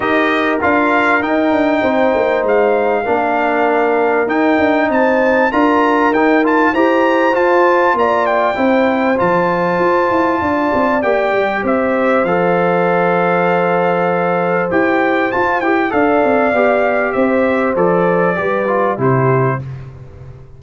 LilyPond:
<<
  \new Staff \with { instrumentName = "trumpet" } { \time 4/4 \tempo 4 = 98 dis''4 f''4 g''2 | f''2. g''4 | a''4 ais''4 g''8 a''8 ais''4 | a''4 ais''8 g''4. a''4~ |
a''2 g''4 e''4 | f''1 | g''4 a''8 g''8 f''2 | e''4 d''2 c''4 | }
  \new Staff \with { instrumentName = "horn" } { \time 4/4 ais'2. c''4~ | c''4 ais'2. | c''4 ais'2 c''4~ | c''4 d''4 c''2~ |
c''4 d''2 c''4~ | c''1~ | c''2 d''2 | c''2 b'4 g'4 | }
  \new Staff \with { instrumentName = "trombone" } { \time 4/4 g'4 f'4 dis'2~ | dis'4 d'2 dis'4~ | dis'4 f'4 dis'8 f'8 g'4 | f'2 e'4 f'4~ |
f'2 g'2 | a'1 | g'4 f'8 g'8 a'4 g'4~ | g'4 a'4 g'8 f'8 e'4 | }
  \new Staff \with { instrumentName = "tuba" } { \time 4/4 dis'4 d'4 dis'8 d'8 c'8 ais8 | gis4 ais2 dis'8 d'8 | c'4 d'4 dis'4 e'4 | f'4 ais4 c'4 f4 |
f'8 e'8 d'8 c'8 ais8 g8 c'4 | f1 | e'4 f'8 e'8 d'8 c'8 b4 | c'4 f4 g4 c4 | }
>>